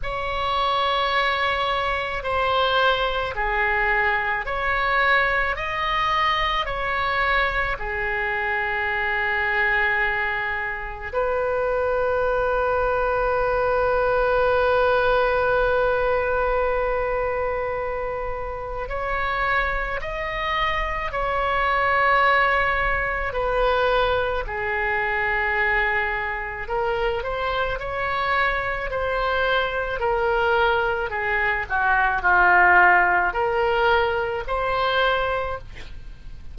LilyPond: \new Staff \with { instrumentName = "oboe" } { \time 4/4 \tempo 4 = 54 cis''2 c''4 gis'4 | cis''4 dis''4 cis''4 gis'4~ | gis'2 b'2~ | b'1~ |
b'4 cis''4 dis''4 cis''4~ | cis''4 b'4 gis'2 | ais'8 c''8 cis''4 c''4 ais'4 | gis'8 fis'8 f'4 ais'4 c''4 | }